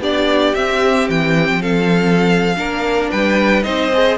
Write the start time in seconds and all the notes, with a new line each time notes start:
0.00 B3 D4 G4 D5
0.55 C4 E5
1.09 E3 G5
1.50 F3
1.62 A4 F5
2.57 A#3 D4 A#4
3.11 G3 B4 G5
3.63 C4 D#4 C5 D#5
3.94 G#4